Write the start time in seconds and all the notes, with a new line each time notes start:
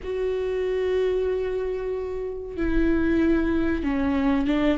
0.03 F#4
2.56 E4
3.83 C#4
4.47 D4